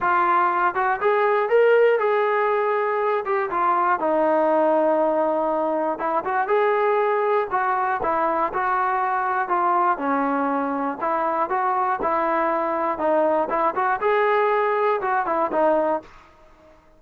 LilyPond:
\new Staff \with { instrumentName = "trombone" } { \time 4/4 \tempo 4 = 120 f'4. fis'8 gis'4 ais'4 | gis'2~ gis'8 g'8 f'4 | dis'1 | e'8 fis'8 gis'2 fis'4 |
e'4 fis'2 f'4 | cis'2 e'4 fis'4 | e'2 dis'4 e'8 fis'8 | gis'2 fis'8 e'8 dis'4 | }